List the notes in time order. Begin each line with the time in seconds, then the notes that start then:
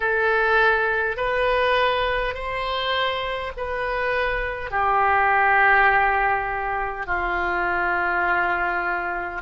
0.00 A4
1.17 B4
2.34 C5
3.56 B4
4.71 G4
7.06 F4